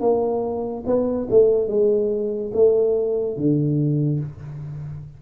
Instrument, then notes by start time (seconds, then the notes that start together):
tuba
0.00 A#3
0.86 B3
1.30 A3
1.67 G#3
2.53 A3
3.36 D3